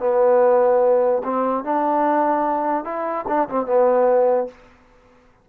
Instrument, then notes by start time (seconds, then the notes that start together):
trombone
0.00 B3
1.24 C4
1.64 D4
2.85 E4
3.28 D4
3.49 C4
3.66 B3